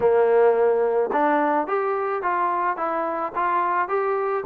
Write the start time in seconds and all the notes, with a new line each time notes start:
0.00 A#3
1.12 D4
1.67 G4
2.22 F4
2.77 E4
3.35 F4
3.88 G4